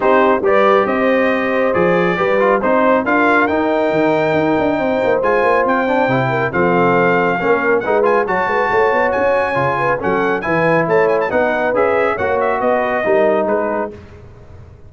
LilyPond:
<<
  \new Staff \with { instrumentName = "trumpet" } { \time 4/4 \tempo 4 = 138 c''4 d''4 dis''2 | d''2 c''4 f''4 | g''1 | gis''4 g''2 f''4~ |
f''2 fis''8 gis''8 a''4~ | a''4 gis''2 fis''4 | gis''4 a''8 gis''16 a''16 fis''4 e''4 | fis''8 e''8 dis''2 b'4 | }
  \new Staff \with { instrumentName = "horn" } { \time 4/4 g'4 b'4 c''2~ | c''4 b'4 c''4 ais'4~ | ais'2. c''4~ | c''2~ c''8 ais'8 a'4~ |
a'4 ais'4 b'4 cis''8 b'8 | cis''2~ cis''8 b'8 a'4 | b'4 cis''4 b'2 | cis''4 b'4 ais'4 gis'4 | }
  \new Staff \with { instrumentName = "trombone" } { \time 4/4 dis'4 g'2. | gis'4 g'8 f'8 dis'4 f'4 | dis'1 | f'4. d'8 e'4 c'4~ |
c'4 cis'4 dis'8 f'8 fis'4~ | fis'2 f'4 cis'4 | e'2 dis'4 gis'4 | fis'2 dis'2 | }
  \new Staff \with { instrumentName = "tuba" } { \time 4/4 c'4 g4 c'2 | f4 g4 c'4 d'4 | dis'4 dis4 dis'8 d'8 c'8 ais8 | gis8 ais8 c'4 c4 f4~ |
f4 ais4 gis4 fis8 gis8 | a8 b8 cis'4 cis4 fis4 | e4 a4 b4 cis'4 | ais4 b4 g4 gis4 | }
>>